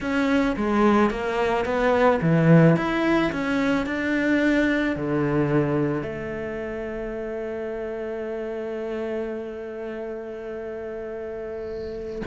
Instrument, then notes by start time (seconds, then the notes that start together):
cello
0.01 C#4
0.56 G#3
1.10 A#3
1.65 B3
2.21 E3
2.76 E4
3.32 C#4
3.86 D4
4.96 D3
6.02 A3